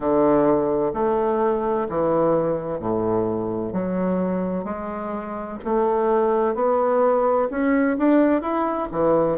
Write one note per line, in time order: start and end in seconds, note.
0.00 0.92 D3
0.93 1.87 A3
1.89 2.79 E3
2.79 3.72 A2
3.72 4.64 F#3
4.64 5.58 G#3
5.64 6.55 A3
6.55 7.48 B3
7.50 7.97 C#4
7.97 8.41 D4
8.41 8.88 E4
8.91 9.38 E3